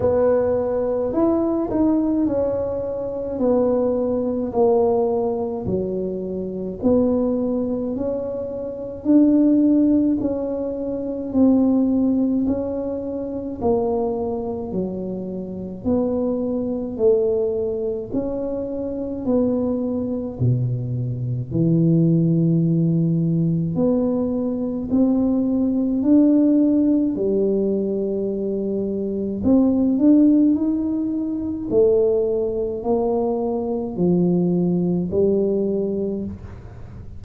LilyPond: \new Staff \with { instrumentName = "tuba" } { \time 4/4 \tempo 4 = 53 b4 e'8 dis'8 cis'4 b4 | ais4 fis4 b4 cis'4 | d'4 cis'4 c'4 cis'4 | ais4 fis4 b4 a4 |
cis'4 b4 b,4 e4~ | e4 b4 c'4 d'4 | g2 c'8 d'8 dis'4 | a4 ais4 f4 g4 | }